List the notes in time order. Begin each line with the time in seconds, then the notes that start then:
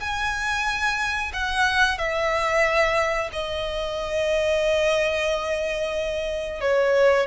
0.00 G#5
1.33 F#5
1.98 E5
3.32 D#5
6.61 C#5